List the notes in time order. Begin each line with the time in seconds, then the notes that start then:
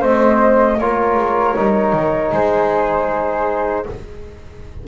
0.00 A3 C4 C5 D#5
0.78 A#3 F4 A#4 C#5
1.15 G#3
1.56 G3 D#4
1.92 D#3
2.30 G#3 G#4 C5